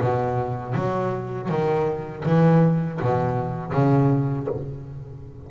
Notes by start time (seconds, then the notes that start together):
0.00 B2
0.74 F#3
1.48 D#3
2.25 E3
3.01 B2
3.72 C#3